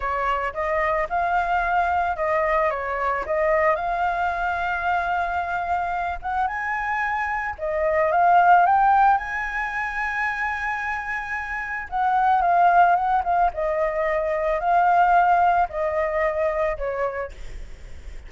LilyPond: \new Staff \with { instrumentName = "flute" } { \time 4/4 \tempo 4 = 111 cis''4 dis''4 f''2 | dis''4 cis''4 dis''4 f''4~ | f''2.~ f''8 fis''8 | gis''2 dis''4 f''4 |
g''4 gis''2.~ | gis''2 fis''4 f''4 | fis''8 f''8 dis''2 f''4~ | f''4 dis''2 cis''4 | }